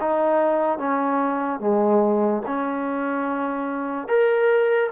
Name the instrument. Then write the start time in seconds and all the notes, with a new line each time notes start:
trombone
0.00 D#4
0.78 C#4
1.60 G#3
2.46 C#4
4.08 A#4